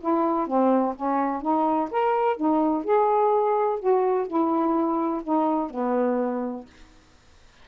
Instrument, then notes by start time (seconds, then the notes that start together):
saxophone
0.00 E4
0.47 C4
0.95 C#4
1.41 D#4
1.90 A#4
2.37 D#4
2.84 G#4
3.79 F#4
4.27 E4
5.23 D#4
5.70 B3